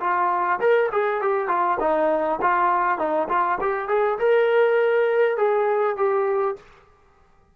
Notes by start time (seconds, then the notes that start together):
0.00 F4
0.59 A#4
0.92 G#4
1.21 G4
1.47 F4
1.80 D#4
2.41 F4
2.98 D#4
3.28 F4
3.61 G4
3.88 G#4
4.19 A#4
5.37 G#4
5.96 G4